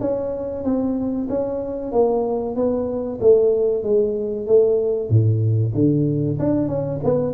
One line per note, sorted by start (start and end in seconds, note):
0.00 0.64 C#4
0.64 1.28 C4
1.29 1.92 C#4
1.92 2.55 A#3
2.55 3.19 B3
3.21 3.83 A3
3.83 4.47 G#3
4.47 5.09 A3
5.09 5.73 A2
5.74 6.38 D3
6.39 6.68 D4
6.68 7.00 C#4
7.03 7.33 B3